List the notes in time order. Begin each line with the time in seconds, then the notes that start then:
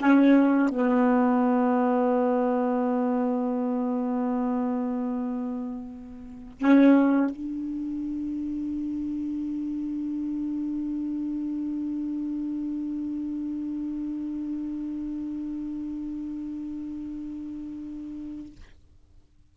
0.00 C#4
0.69 B3
6.60 C#4
7.31 D4